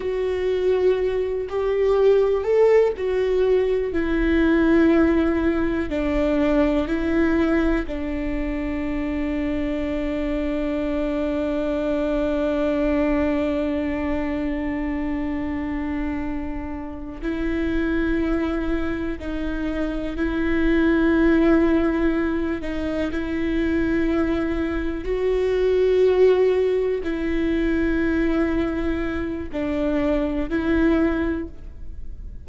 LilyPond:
\new Staff \with { instrumentName = "viola" } { \time 4/4 \tempo 4 = 61 fis'4. g'4 a'8 fis'4 | e'2 d'4 e'4 | d'1~ | d'1~ |
d'4. e'2 dis'8~ | dis'8 e'2~ e'8 dis'8 e'8~ | e'4. fis'2 e'8~ | e'2 d'4 e'4 | }